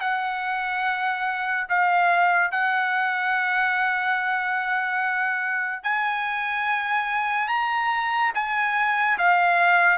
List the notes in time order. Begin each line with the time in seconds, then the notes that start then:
0.00 F#5
1.69 F5
2.51 F#5
5.83 G#5
7.48 A#5
8.34 G#5
9.18 F5